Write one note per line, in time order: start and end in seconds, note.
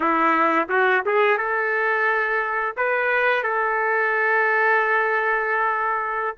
0.00 0.68 E4
0.69 1.03 F#4
1.05 1.37 G#4
1.37 2.75 A4
2.76 3.43 B4
3.43 6.36 A4